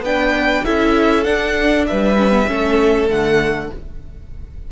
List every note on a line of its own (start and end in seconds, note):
0.00 0.61 B3
0.00 0.65 D4
0.00 0.65 B4
0.00 0.65 G5
0.65 1.27 C#4
0.65 1.24 E4
0.65 1.88 A4
0.65 1.24 E5
1.24 2.16 D4
1.24 1.88 D4
1.24 1.85 F#5
1.87 2.50 G3
1.87 2.49 B4
1.87 3.09 E5
2.17 2.31 C#4
2.31 2.46 B3
2.47 3.09 A3
2.47 3.09 C#4
2.47 3.72 A4
3.09 3.71 D3
3.09 3.71 A3
3.09 3.71 F#5